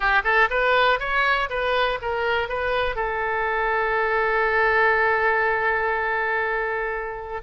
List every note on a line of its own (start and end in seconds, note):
0.00 0.22 G4
0.24 0.48 A4
0.50 0.99 B4
0.99 1.49 C#5
1.49 1.99 B4
2.01 2.48 A#4
2.48 2.95 B4
2.95 7.42 A4